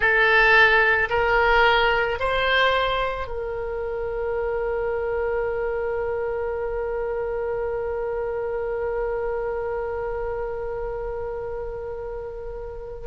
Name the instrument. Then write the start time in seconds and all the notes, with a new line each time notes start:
oboe
0.00 A4
1.09 A#4
2.19 C5
3.27 A#4